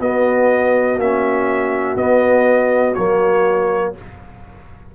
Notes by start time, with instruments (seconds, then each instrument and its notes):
0.00 tuba B3, trombone B3, horn F#4, trumpet D#5
0.98 tuba A#3, trombone C#4, trumpet E5
1.96 tuba B3, trombone B3, trumpet D#5
2.95 tuba F#3, trombone A#3, trumpet C#5